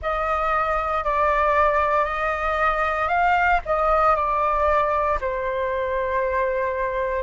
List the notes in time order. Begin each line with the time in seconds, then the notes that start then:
0.02 D#5
1.03 D5
2.05 D#5
3.08 F5
3.65 D#5
4.15 D5
5.20 C5